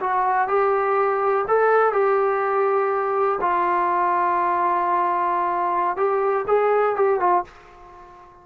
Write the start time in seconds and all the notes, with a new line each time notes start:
0.00 F#4
0.48 G4
1.48 A4
1.93 G4
3.41 F4
5.97 G4
6.47 G#4
6.96 G4
7.20 F4